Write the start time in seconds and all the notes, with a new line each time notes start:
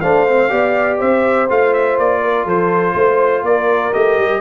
0.00 A3 D4 C5 F5
0.28 C4
0.49 B3 G4 D5
0.98 C4 C5 E5
1.49 A3 F4 F5
1.73 E5
1.98 A#3 D5
2.22 A#4
2.45 F3 A4 C5
2.94 A3 C5
3.42 A#3 A#4 D5
3.93 A3 G4 D#5
4.18 G3